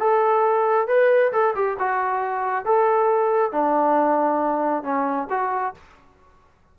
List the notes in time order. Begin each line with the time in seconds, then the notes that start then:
0.00 A4
0.88 B4
1.33 A4
1.56 G4
1.80 F#4
2.66 A4
3.52 D4
4.84 C#4
5.30 F#4